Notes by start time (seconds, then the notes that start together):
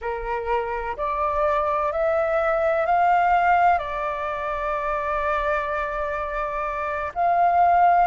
0.01 A#4
0.96 D5
1.91 E5
2.86 F5
3.78 D5
7.14 F5